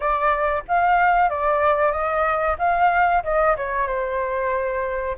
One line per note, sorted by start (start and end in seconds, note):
0.00 0.63 D5
0.68 1.29 F5
1.29 1.91 D5
1.91 2.56 D#5
2.58 3.23 F5
3.23 3.55 D#5
3.57 3.87 C#5
3.87 5.16 C5